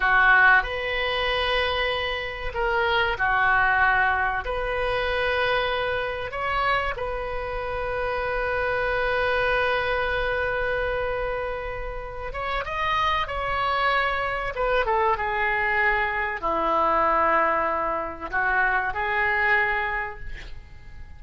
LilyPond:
\new Staff \with { instrumentName = "oboe" } { \time 4/4 \tempo 4 = 95 fis'4 b'2. | ais'4 fis'2 b'4~ | b'2 cis''4 b'4~ | b'1~ |
b'2.~ b'8 cis''8 | dis''4 cis''2 b'8 a'8 | gis'2 e'2~ | e'4 fis'4 gis'2 | }